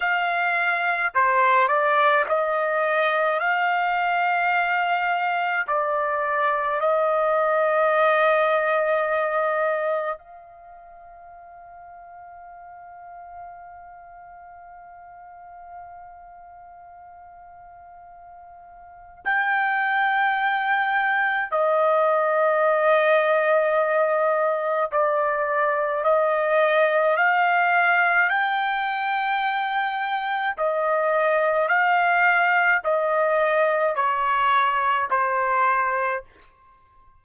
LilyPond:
\new Staff \with { instrumentName = "trumpet" } { \time 4/4 \tempo 4 = 53 f''4 c''8 d''8 dis''4 f''4~ | f''4 d''4 dis''2~ | dis''4 f''2.~ | f''1~ |
f''4 g''2 dis''4~ | dis''2 d''4 dis''4 | f''4 g''2 dis''4 | f''4 dis''4 cis''4 c''4 | }